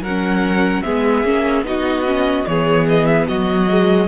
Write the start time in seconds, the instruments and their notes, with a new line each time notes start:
0.00 cello F#3, violin A#4 F#5
0.07 viola C#4
0.82 cello G#3, viola B3, violin G#4 E5
1.24 cello A#3, viola C#4
1.62 cello B3, viola D#4, violin F#4 D#5
2.05 viola C#4
2.46 cello E3, viola B3, violin G#4 C#5
2.88 violin D#5
3.05 violin E5
3.28 cello F#3, violin F#4 D#5
3.69 viola G#3